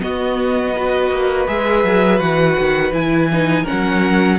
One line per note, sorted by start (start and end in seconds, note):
0.00 0.73 B3
0.00 1.11 B3
0.00 0.75 F#4
0.00 1.47 D#5
0.75 1.47 F#4
0.75 3.62 B4
1.11 1.47 A#3
1.47 1.84 G#3
1.47 2.18 G#4
1.47 2.19 E5
1.84 2.20 F#3
2.18 2.57 E3
2.18 2.91 F#4
2.18 2.92 F#5
2.59 2.91 D#3
2.91 3.64 E3
2.91 3.30 E4
2.91 3.66 G#5
3.32 3.64 D#4
3.62 4.38 C#4
3.62 4.36 A#4
3.62 4.39 F#5
3.72 4.39 F#3